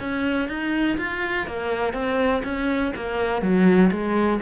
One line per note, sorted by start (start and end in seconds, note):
0.00 0.49 C#4
0.49 0.98 D#4
0.98 1.47 F4
1.47 1.93 A#3
1.93 2.42 C4
2.44 2.93 C#4
2.96 3.42 A#3
3.42 3.91 F#3
3.92 4.40 G#3